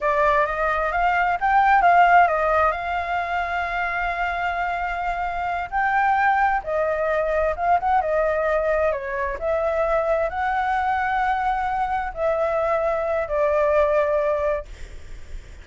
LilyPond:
\new Staff \with { instrumentName = "flute" } { \time 4/4 \tempo 4 = 131 d''4 dis''4 f''4 g''4 | f''4 dis''4 f''2~ | f''1~ | f''8 g''2 dis''4.~ |
dis''8 f''8 fis''8 dis''2 cis''8~ | cis''8 e''2 fis''4.~ | fis''2~ fis''8 e''4.~ | e''4 d''2. | }